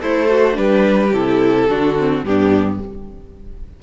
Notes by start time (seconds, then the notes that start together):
0.00 A3 E4 A4 C5
0.30 F#4
0.53 G3 D4 G4 B4
1.12 C3 E4 A4
1.69 D3 D4 F#4
1.99 C4
2.23 G2 B3 D4 G4